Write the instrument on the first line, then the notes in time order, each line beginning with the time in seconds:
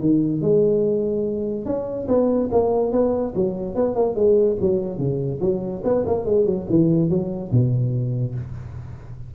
tuba
0.00 D#3
0.41 G#3
1.65 C#4
2.08 B3
2.51 A#3
2.91 B3
3.35 F#3
3.75 B3
3.95 A#3
4.15 G#3
4.60 F#3
4.98 C#3
5.41 F#3
5.84 B3
6.06 A#3
6.25 G#3
6.45 F#3
6.69 E3
7.09 F#3
7.51 B2